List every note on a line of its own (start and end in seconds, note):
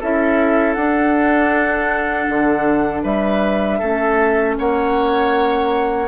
0.00 0.76 C#4
0.00 0.78 E4
0.00 3.03 A4
0.00 0.73 E5
0.73 2.28 D4
0.73 3.81 D4
0.73 3.01 F#5
2.29 3.04 D3
3.03 3.80 G3
3.03 3.78 B4
3.03 4.56 E5
3.78 4.58 A3
3.78 6.07 C#4
3.78 4.54 A4
4.58 6.07 A#3
4.58 6.07 C#5
4.58 6.07 F#5